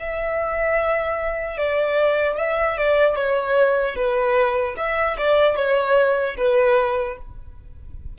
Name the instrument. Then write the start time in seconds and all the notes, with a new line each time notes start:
violin
0.00 E5
1.58 D5
2.38 E5
2.78 D5
3.16 C#5
3.96 B4
4.77 E5
5.18 D5
5.56 C#5
6.37 B4